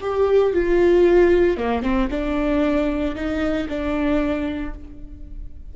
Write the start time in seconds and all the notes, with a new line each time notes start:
0.00 G4
0.53 F4
1.57 A#3
1.82 C4
2.10 D4
3.15 D#4
3.68 D4